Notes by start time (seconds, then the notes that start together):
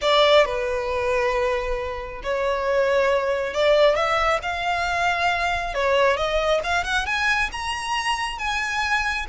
0.01 D5
0.45 B4
2.23 C#5
3.53 D5
3.95 E5
4.42 F5
5.74 C#5
6.16 D#5
6.63 F5
6.84 F#5
7.05 G#5
7.51 A#5
8.38 G#5